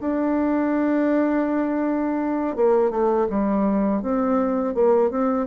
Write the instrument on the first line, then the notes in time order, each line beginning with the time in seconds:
bassoon
0.00 D4
2.56 A#3
2.90 A3
3.29 G3
4.02 C4
4.74 A#3
5.10 C4